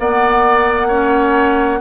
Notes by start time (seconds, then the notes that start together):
0.00 A#3 B3 D5 F#5
0.88 C#4 C#5